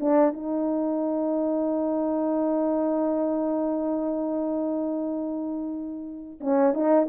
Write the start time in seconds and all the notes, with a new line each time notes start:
0.00 D4
0.33 D#4
6.40 C#4
6.74 D#4